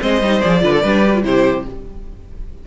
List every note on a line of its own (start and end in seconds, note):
0.00 0.21 G#3
0.00 0.21 C4
0.00 0.63 C5
0.00 0.41 D#5
0.21 0.42 G3
0.21 0.41 D#4
0.41 0.63 F3
0.41 0.60 G#4
0.41 1.23 D5
0.60 0.84 D3
0.60 0.81 F4
0.60 0.73 B4
0.73 0.82 A4
0.82 1.24 G3
0.82 1.06 D4
0.82 1.23 B4
1.06 1.15 G4
1.15 1.23 F4
1.23 1.65 C3
1.23 1.64 E4
1.23 1.67 G4
1.23 1.66 C5